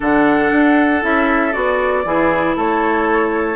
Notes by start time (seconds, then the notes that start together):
0.00 D3 D4 A4 F#5
0.51 D4
1.02 C#4 E4 E5
1.52 B3 F#4 D5
2.04 E3 E4 G#4
2.55 A3 A4 C#5